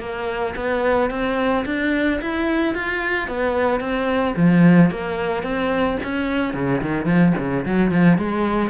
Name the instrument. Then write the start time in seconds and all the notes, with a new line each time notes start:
cello
0.00 A#3
0.56 B3
1.11 C4
1.66 D4
2.21 E4
2.75 F4
3.28 B3
3.80 C4
4.36 F3
4.91 A#3
5.43 C4
6.04 C#4
6.54 C#3
6.82 D#3
7.06 F3
7.38 C#3
7.65 F#3
7.92 F3
8.18 G#3